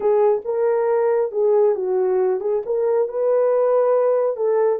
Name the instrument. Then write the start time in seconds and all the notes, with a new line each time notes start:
horn
0.00 G#4
0.44 A#4
1.31 G#4
1.75 F#4
2.40 G#4
2.65 A#4
3.08 B4
4.36 A4